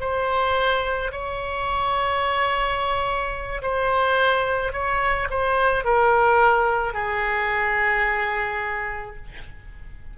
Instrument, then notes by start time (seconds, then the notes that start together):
oboe
0.00 C5
1.12 C#5
3.62 C5
4.73 C#5
5.30 C5
5.84 A#4
6.94 G#4